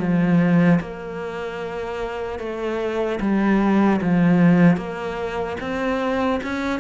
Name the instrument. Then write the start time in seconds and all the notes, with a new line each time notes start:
cello
0.00 F3
0.81 A#3
2.39 A3
3.21 G3
4.02 F3
4.77 A#3
5.61 C4
6.44 C#4